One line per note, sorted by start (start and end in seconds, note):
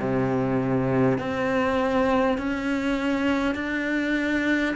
0.00 1.19 C3
1.19 2.38 C4
2.38 3.56 C#4
3.56 4.76 D4